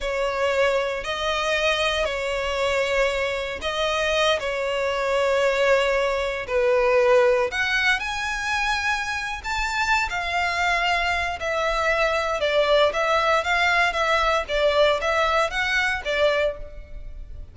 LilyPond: \new Staff \with { instrumentName = "violin" } { \time 4/4 \tempo 4 = 116 cis''2 dis''2 | cis''2. dis''4~ | dis''8 cis''2.~ cis''8~ | cis''8 b'2 fis''4 gis''8~ |
gis''2~ gis''16 a''4~ a''16 f''8~ | f''2 e''2 | d''4 e''4 f''4 e''4 | d''4 e''4 fis''4 d''4 | }